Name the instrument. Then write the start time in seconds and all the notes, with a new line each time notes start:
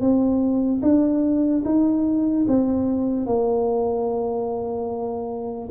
tuba
0.00 C4
0.82 D4
1.65 D#4
2.47 C4
3.26 A#3